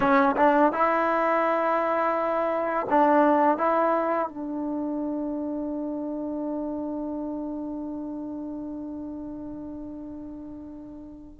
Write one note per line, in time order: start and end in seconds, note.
0.00 0.35 C#4
0.36 0.72 D4
0.72 2.86 E4
2.89 3.57 D4
3.57 4.29 E4
4.29 11.40 D4